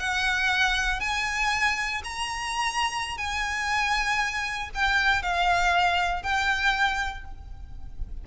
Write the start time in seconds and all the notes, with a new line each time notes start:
0.00 F#5
1.01 G#5
2.04 A#5
3.18 G#5
4.75 G5
5.23 F5
6.23 G5